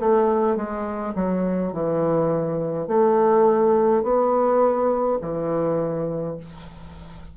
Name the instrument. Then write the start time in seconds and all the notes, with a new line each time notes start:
bassoon
0.00 A3
0.57 G#3
1.15 F#3
1.73 E3
2.88 A3
4.03 B3
5.22 E3